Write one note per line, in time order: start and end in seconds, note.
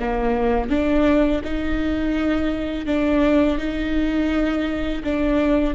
0.00 0.70 A#3
0.70 1.42 D4
1.44 2.86 D#4
2.86 3.58 D4
3.58 5.03 D#4
5.04 5.75 D4